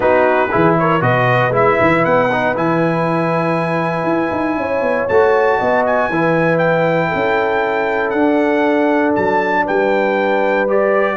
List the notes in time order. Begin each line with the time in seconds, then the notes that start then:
0.00 B3 D#4 F#4 B4
0.50 E3 E4 G#4
0.78 A#4 C#5
1.00 B2 F#4 B4 D#5
1.49 G#3 E4 E5
1.80 E3
2.05 B3 F#5
2.31 D#4
2.55 E3 E4 G#5
4.03 E4
4.31 D#4
4.56 C#4 C#5
4.81 B3
5.08 A3 F#4 A5
5.58 B3 D#5
5.86 G#5
6.09 E3 E4 B4
6.58 G5
7.08 A4
7.14 C#4
8.10 D4 F#5
8.16 D4
9.15 F#3 A5
9.65 G3 B4 G5
10.68 G4 D5